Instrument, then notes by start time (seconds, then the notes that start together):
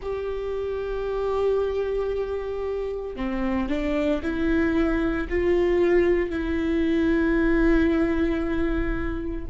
viola
0.02 G4
3.16 C4
3.68 D4
4.22 E4
5.29 F4
6.30 E4